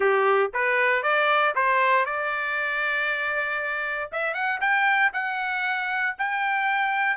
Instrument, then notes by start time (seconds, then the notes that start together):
trumpet
0.00 G4
0.53 B4
1.02 D5
1.55 C5
2.05 D5
4.12 E5
4.33 F#5
4.60 G5
5.13 F#5
6.18 G5